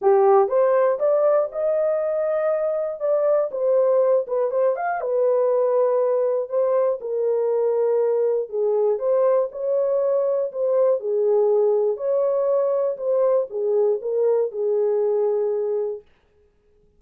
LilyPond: \new Staff \with { instrumentName = "horn" } { \time 4/4 \tempo 4 = 120 g'4 c''4 d''4 dis''4~ | dis''2 d''4 c''4~ | c''8 b'8 c''8 f''8 b'2~ | b'4 c''4 ais'2~ |
ais'4 gis'4 c''4 cis''4~ | cis''4 c''4 gis'2 | cis''2 c''4 gis'4 | ais'4 gis'2. | }